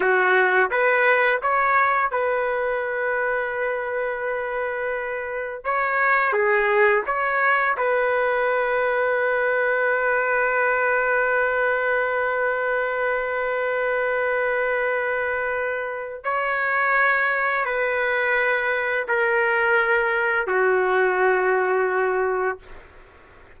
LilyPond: \new Staff \with { instrumentName = "trumpet" } { \time 4/4 \tempo 4 = 85 fis'4 b'4 cis''4 b'4~ | b'1 | cis''4 gis'4 cis''4 b'4~ | b'1~ |
b'1~ | b'2. cis''4~ | cis''4 b'2 ais'4~ | ais'4 fis'2. | }